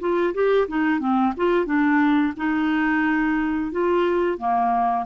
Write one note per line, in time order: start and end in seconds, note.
0.00 0.34 F4
0.34 0.67 G4
0.68 1.00 D#4
1.00 1.33 C4
1.37 1.66 F4
1.66 2.33 D4
2.37 3.71 D#4
3.71 4.38 F4
4.38 5.05 A#3